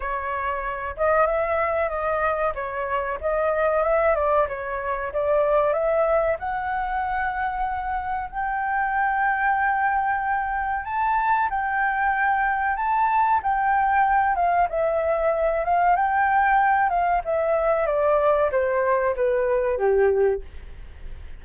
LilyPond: \new Staff \with { instrumentName = "flute" } { \time 4/4 \tempo 4 = 94 cis''4. dis''8 e''4 dis''4 | cis''4 dis''4 e''8 d''8 cis''4 | d''4 e''4 fis''2~ | fis''4 g''2.~ |
g''4 a''4 g''2 | a''4 g''4. f''8 e''4~ | e''8 f''8 g''4. f''8 e''4 | d''4 c''4 b'4 g'4 | }